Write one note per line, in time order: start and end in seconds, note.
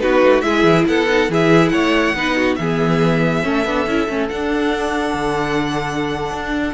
0.00 0.23 B3
0.00 0.43 D#4
0.00 0.45 F#4
0.00 0.42 B4
0.23 0.43 A3
0.42 0.64 G#3
0.42 1.08 E4
0.42 0.88 G#4
0.42 0.85 E5
0.64 0.85 E3
0.88 1.29 B3
0.88 1.31 A4
0.88 1.31 F#5
1.09 1.30 D#4
1.29 1.72 E3
1.29 2.16 E4
1.29 1.73 G#4
1.29 1.69 E5
1.69 2.15 A3
1.69 2.16 C#5
1.69 2.55 F#5
2.15 2.57 B3
2.15 2.60 D#4
2.15 2.37 B4
2.37 2.58 F#4
2.56 3.44 E3
2.56 3.43 B3
2.56 3.46 G#4
2.56 4.27 E5
3.43 3.65 A3
3.43 3.64 C#4
3.43 6.75 A4
3.65 3.86 B3
3.65 3.88 D4
3.86 4.08 C#4
3.86 4.08 E4
4.08 4.30 A3
4.08 4.30 C#4
4.29 6.75 D4
4.29 5.14 D4
4.29 6.75 F#5
5.14 6.32 D3
6.32 6.74 D4